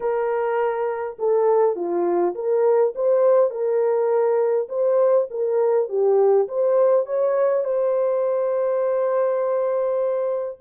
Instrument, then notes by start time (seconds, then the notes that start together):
horn
0.00 A#4
1.18 A4
1.75 F4
2.34 A#4
2.95 C5
3.50 A#4
4.68 C5
5.30 A#4
5.88 G4
6.48 C5
7.06 C#5
7.64 C5